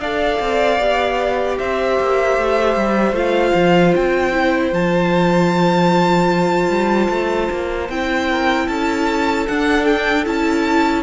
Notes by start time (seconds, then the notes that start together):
0.00 D4 A4 D5 F5
0.40 C4
0.80 B3 G4
1.59 C4 C5 E5
2.00 A#3
2.38 A3
2.77 G3
3.12 A3 F4 F5
3.55 F3
3.96 C4 G5
4.33 E4
4.72 F3 F4 A5
6.69 G3
7.10 A3
7.51 A#3
7.89 C4 E4 G5
8.30 A#4
8.66 C#4 A4 A5
9.48 D4 F#5
9.86 G5
10.25 C#4 E4 A5